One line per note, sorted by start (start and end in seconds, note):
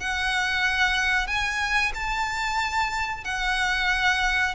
0.00 1.27 F#5
1.27 1.93 G#5
1.94 3.25 A5
3.25 4.55 F#5